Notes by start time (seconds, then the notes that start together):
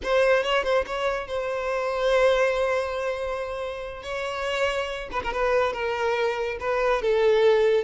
0.03 C5
0.43 C#5
0.63 C5
0.86 C#5
1.27 C5
4.03 C#5
5.11 B4
5.23 A#4
5.32 B4
5.72 A#4
6.60 B4
7.02 A4